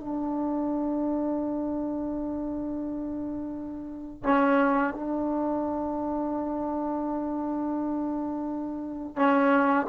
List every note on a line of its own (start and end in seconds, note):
0.00 4.24 D4
4.24 4.94 C#4
4.94 9.16 D4
9.16 9.87 C#4